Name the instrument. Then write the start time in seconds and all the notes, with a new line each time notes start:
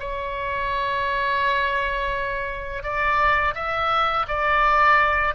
oboe
0.00 C#5
2.83 D5
3.55 E5
4.28 D5